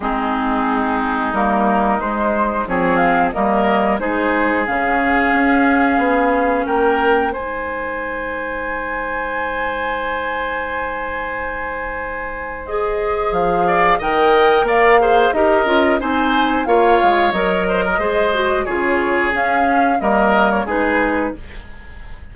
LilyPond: <<
  \new Staff \with { instrumentName = "flute" } { \time 4/4 \tempo 4 = 90 gis'2 ais'4 c''4 | cis''8 f''8 dis''4 c''4 f''4~ | f''2 g''4 gis''4~ | gis''1~ |
gis''2. dis''4 | f''4 g''4 f''4 dis''4 | gis''4 f''4 dis''2 | cis''4 f''4 dis''8. cis''16 b'4 | }
  \new Staff \with { instrumentName = "oboe" } { \time 4/4 dis'1 | gis'4 ais'4 gis'2~ | gis'2 ais'4 c''4~ | c''1~ |
c''1~ | c''8 d''8 dis''4 d''8 c''8 ais'4 | c''4 cis''4. c''16 ais'16 c''4 | gis'2 ais'4 gis'4 | }
  \new Staff \with { instrumentName = "clarinet" } { \time 4/4 c'2 ais4 gis4 | c'4 ais4 dis'4 cis'4~ | cis'2. dis'4~ | dis'1~ |
dis'2. gis'4~ | gis'4 ais'4. gis'8 g'8 f'8 | dis'4 f'4 ais'4 gis'8 fis'8 | f'4 cis'4 ais4 dis'4 | }
  \new Staff \with { instrumentName = "bassoon" } { \time 4/4 gis2 g4 gis4 | f4 g4 gis4 cis4 | cis'4 b4 ais4 gis4~ | gis1~ |
gis1 | f4 dis4 ais4 dis'8 cis'8 | c'4 ais8 gis8 fis4 gis4 | cis4 cis'4 g4 gis4 | }
>>